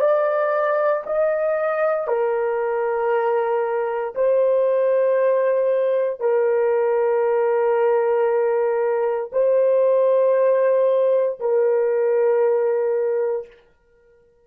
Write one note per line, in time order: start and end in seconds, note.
0.00 1.03 D5
1.06 2.07 D#5
2.07 4.14 A#4
4.14 6.20 C5
6.20 9.30 A#4
9.32 11.39 C5
11.39 13.46 A#4